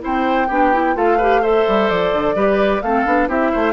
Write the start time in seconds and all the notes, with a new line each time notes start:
0.00 C4 E4 C5 G5
0.48 B3 D4 G4
0.73 E4
0.95 A3 F4 A4 F5
1.18 G4 B4
1.42 A4 C5 E5
1.68 G3
1.89 F3 D5
2.13 D3
2.35 G3 G4 B4
2.82 A3 C4 A4 F5
3.05 B3 D4
3.28 C4 E4 G4 E5
3.51 A3 C5